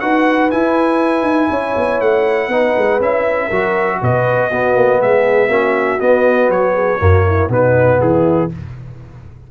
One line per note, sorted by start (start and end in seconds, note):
0.00 0.52 D#4
0.00 0.51 F#4
0.00 1.50 B4
0.00 0.50 F#5
0.51 2.51 E4
0.51 1.23 E4
0.51 2.01 G#5
1.23 1.48 D#4
1.50 1.76 C#4
1.50 2.50 C#5
1.76 2.01 B3
2.01 2.48 A3
2.01 3.01 F#5
2.48 2.73 B3
2.48 3.01 D#4
2.48 3.47 B4
2.77 3.00 G#3
3.00 3.50 C#4
3.00 3.51 E4
3.00 4.02 E5
3.47 4.01 F#3
3.47 4.51 F#4
3.47 3.97 A#4
4.01 4.51 B2
4.01 4.51 B4
4.01 5.02 D#5
4.51 5.49 B3
4.51 4.75 B3
4.51 5.01 F#4
4.75 5.00 A#3
5.01 5.48 G#3
5.01 5.48 G#4
5.01 6.01 E5
5.48 5.98 A#3
5.48 5.99 C#4
5.48 6.73 F#4
6.00 6.99 B3
6.00 6.49 B3
6.00 6.51 D#5
6.49 6.99 F#3
6.49 7.51 C#5
6.74 6.99 G#4
6.99 7.49 F#2
6.99 7.49 A#3
6.99 7.26 F#4
7.27 7.51 E4
7.49 7.99 B2
7.49 8.49 B3
7.49 8.01 D#4
7.49 8.01 B4
8.00 8.50 E3
8.00 8.51 E4
8.00 8.51 G#4